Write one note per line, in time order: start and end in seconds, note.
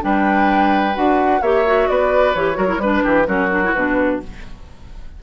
0.00 0.96 G3
0.00 0.93 D4
0.00 1.41 B4
0.00 0.95 G5
0.94 1.41 D4
0.94 1.41 F#4
0.94 1.42 F#5
1.41 1.87 A#3
1.41 1.65 G4
1.41 1.88 C#5
1.41 1.88 E5
1.65 2.35 F#4
1.88 2.34 B3
1.88 2.57 B4
1.88 2.34 D5
2.34 2.57 E3
2.34 2.54 G4
2.34 2.80 C#5
2.54 2.77 F#3
2.54 2.66 F#4
2.54 2.81 A#4
2.67 2.78 E4
2.77 3.01 G3
2.77 3.25 D4
2.77 3.26 B4
2.77 3.03 B4
3.03 3.27 E3
3.03 3.27 G4
3.25 3.73 F#3
3.25 3.49 C#4
3.25 4.20 F#4
3.25 3.73 A#4
3.51 3.62 D4
3.63 3.75 E4
3.73 4.21 B2
3.73 4.22 D4
3.73 4.20 B4